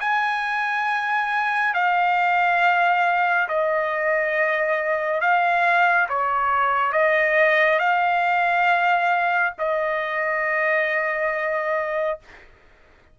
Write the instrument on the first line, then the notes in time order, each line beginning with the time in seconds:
trumpet
0.00 G#5
1.74 F5
3.49 D#5
5.21 F5
6.09 C#5
6.92 D#5
7.79 F5
9.58 D#5